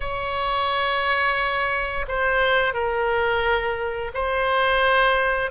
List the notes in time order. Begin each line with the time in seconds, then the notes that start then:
0.00 C#5
2.08 C5
2.73 A#4
4.13 C5